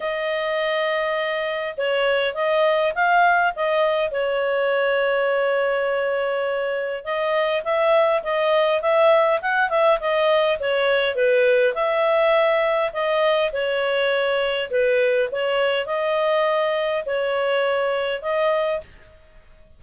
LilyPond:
\new Staff \with { instrumentName = "clarinet" } { \time 4/4 \tempo 4 = 102 dis''2. cis''4 | dis''4 f''4 dis''4 cis''4~ | cis''1 | dis''4 e''4 dis''4 e''4 |
fis''8 e''8 dis''4 cis''4 b'4 | e''2 dis''4 cis''4~ | cis''4 b'4 cis''4 dis''4~ | dis''4 cis''2 dis''4 | }